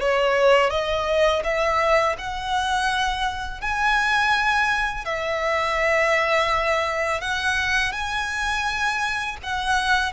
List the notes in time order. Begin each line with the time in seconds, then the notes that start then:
0.00 C#5
0.70 D#5
1.44 E5
2.19 F#5
3.61 G#5
5.05 E5
7.21 F#5
7.93 G#5
9.43 F#5